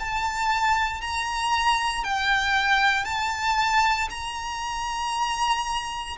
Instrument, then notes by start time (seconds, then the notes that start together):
violin
0.00 A5
1.02 A#5
2.04 G5
3.05 A5
4.11 A#5